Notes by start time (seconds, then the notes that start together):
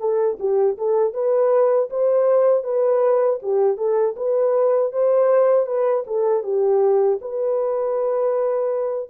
0.00 A4
0.40 G4
0.78 A4
1.14 B4
1.90 C5
2.64 B4
3.43 G4
3.78 A4
4.17 B4
4.93 C5
5.67 B4
6.07 A4
6.43 G4
7.22 B4